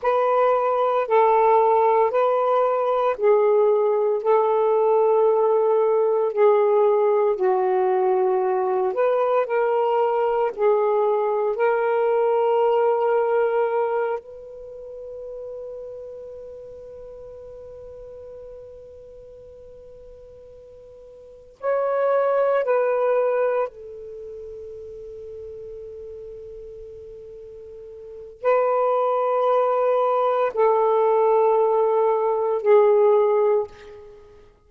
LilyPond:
\new Staff \with { instrumentName = "saxophone" } { \time 4/4 \tempo 4 = 57 b'4 a'4 b'4 gis'4 | a'2 gis'4 fis'4~ | fis'8 b'8 ais'4 gis'4 ais'4~ | ais'4. b'2~ b'8~ |
b'1~ | b'8 cis''4 b'4 a'4.~ | a'2. b'4~ | b'4 a'2 gis'4 | }